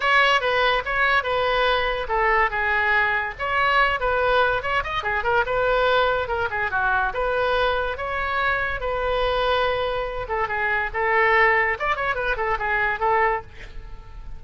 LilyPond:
\new Staff \with { instrumentName = "oboe" } { \time 4/4 \tempo 4 = 143 cis''4 b'4 cis''4 b'4~ | b'4 a'4 gis'2 | cis''4. b'4. cis''8 dis''8 | gis'8 ais'8 b'2 ais'8 gis'8 |
fis'4 b'2 cis''4~ | cis''4 b'2.~ | b'8 a'8 gis'4 a'2 | d''8 cis''8 b'8 a'8 gis'4 a'4 | }